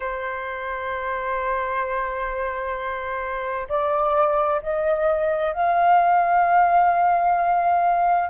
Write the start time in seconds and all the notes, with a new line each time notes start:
0.00 C5
3.68 D5
4.62 D#5
5.53 F5